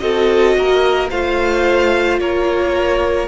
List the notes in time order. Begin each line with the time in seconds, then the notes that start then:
0.00 C4 F#4 A4 D#5
0.57 A#3 A#4
1.11 A3 F4 C5 F5
2.20 A#3 A#4 C#5